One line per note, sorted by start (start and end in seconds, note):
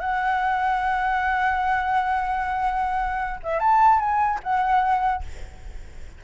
0.00 3.40 F#5
3.43 3.59 E5
3.59 3.99 A5
3.99 4.39 G#5
4.43 5.23 F#5